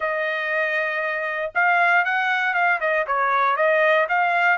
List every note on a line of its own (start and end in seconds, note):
0.00 1.51 D#5
1.54 2.04 F5
2.04 2.54 F#5
2.54 2.79 F5
2.80 3.06 D#5
3.06 3.56 C#5
3.56 4.07 D#5
4.08 4.58 F5